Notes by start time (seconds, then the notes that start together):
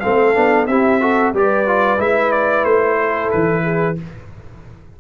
0.00 A3 C4 A4 F5
0.34 B3 D4
0.67 C4 E4 G4 E5
1.01 F#4 A4
1.33 G3 G4 B4 D5
1.67 F4
1.98 G#3 E4 E5
2.32 D5
2.64 A3 C5
3.01 A4
3.31 E3 B4
3.63 G#4